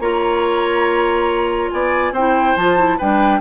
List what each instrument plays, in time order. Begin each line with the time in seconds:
0.00 bassoon A#3, clarinet F4, oboe C#5, flute A#5
1.71 bassoon B3, oboe D5, flute G#5
2.12 bassoon C4, clarinet E4, oboe C5, flute G5
2.56 bassoon F3, clarinet F4, flute A5
2.77 clarinet E4
2.98 bassoon G3, clarinet D4, oboe B4, flute G5